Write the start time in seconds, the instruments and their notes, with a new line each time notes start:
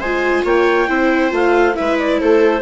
0.00 bassoon G#3, viola F4 C5, clarinet G#5
0.45 bassoon A#3, viola C#5, clarinet G5
0.89 bassoon C4, viola E4 C5
1.30 bassoon A3, viola F4, clarinet F5
1.74 viola E4 B4, clarinet E5
1.80 bassoon G#3
1.99 clarinet D5
2.20 bassoon A3, viola A4, clarinet C5